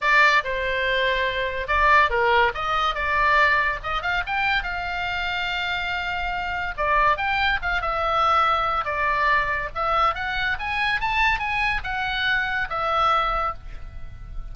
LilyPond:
\new Staff \with { instrumentName = "oboe" } { \time 4/4 \tempo 4 = 142 d''4 c''2. | d''4 ais'4 dis''4 d''4~ | d''4 dis''8 f''8 g''4 f''4~ | f''1 |
d''4 g''4 f''8 e''4.~ | e''4 d''2 e''4 | fis''4 gis''4 a''4 gis''4 | fis''2 e''2 | }